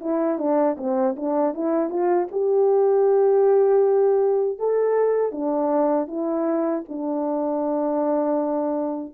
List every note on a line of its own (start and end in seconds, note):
0.00 0.38 E4
0.38 0.76 D4
0.77 1.15 C4
1.16 1.54 D4
1.54 1.90 E4
1.90 2.28 F4
2.31 4.58 G4
4.58 5.32 A4
5.32 6.07 D4
6.07 6.83 E4
6.88 9.14 D4